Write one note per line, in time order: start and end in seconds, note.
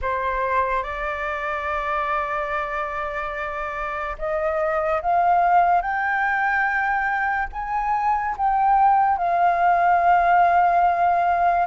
0.01 0.83 C5
0.83 4.16 D5
4.18 5.02 D#5
5.02 5.81 F5
5.81 7.48 G5
7.52 8.35 G#5
8.37 9.17 G5
9.17 11.66 F5